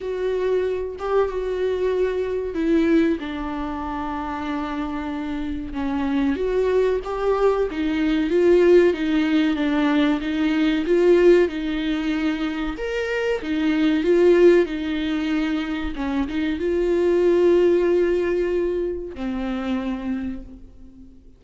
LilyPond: \new Staff \with { instrumentName = "viola" } { \time 4/4 \tempo 4 = 94 fis'4. g'8 fis'2 | e'4 d'2.~ | d'4 cis'4 fis'4 g'4 | dis'4 f'4 dis'4 d'4 |
dis'4 f'4 dis'2 | ais'4 dis'4 f'4 dis'4~ | dis'4 cis'8 dis'8 f'2~ | f'2 c'2 | }